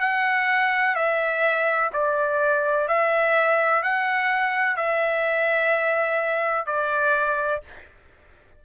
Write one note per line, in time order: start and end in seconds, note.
0.00 0.95 F#5
0.95 1.90 E5
1.93 2.88 D5
2.88 3.83 E5
3.83 4.76 F#5
4.76 6.66 E5
6.66 7.61 D5